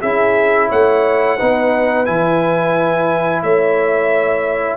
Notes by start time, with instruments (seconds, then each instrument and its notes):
0.00 tuba C#4, trombone E4, horn G#4, trumpet E5
0.68 tuba A3, horn C#5, trumpet F#5
1.36 tuba B3, trombone D#4, horn B4
2.05 tuba E3, trombone E4, trumpet G#5
3.42 tuba A3, horn C#5, trumpet E5